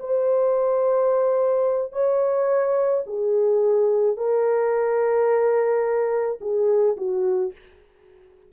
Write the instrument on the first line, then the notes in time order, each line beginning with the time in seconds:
horn
0.00 C5
1.93 C#5
3.07 G#4
4.17 A#4
6.41 G#4
6.97 F#4